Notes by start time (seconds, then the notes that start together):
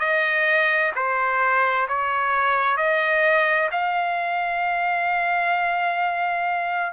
0.00 D#5
0.96 C5
1.89 C#5
2.77 D#5
3.72 F5